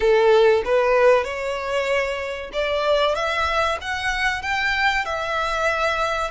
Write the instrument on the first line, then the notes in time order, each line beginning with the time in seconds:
violin
0.00 A4
0.64 B4
1.24 C#5
2.52 D5
3.15 E5
3.81 F#5
4.42 G5
5.05 E5